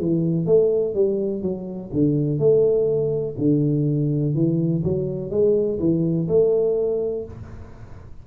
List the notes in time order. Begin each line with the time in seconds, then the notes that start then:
0.00 E3
0.46 A3
0.94 G3
1.42 F#3
1.93 D3
2.38 A3
3.38 D3
4.34 E3
4.83 F#3
5.30 G#3
5.79 E3
6.28 A3